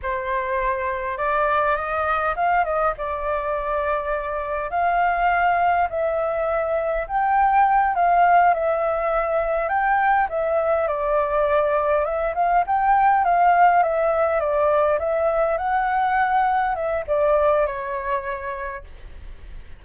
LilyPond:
\new Staff \with { instrumentName = "flute" } { \time 4/4 \tempo 4 = 102 c''2 d''4 dis''4 | f''8 dis''8 d''2. | f''2 e''2 | g''4. f''4 e''4.~ |
e''8 g''4 e''4 d''4.~ | d''8 e''8 f''8 g''4 f''4 e''8~ | e''8 d''4 e''4 fis''4.~ | fis''8 e''8 d''4 cis''2 | }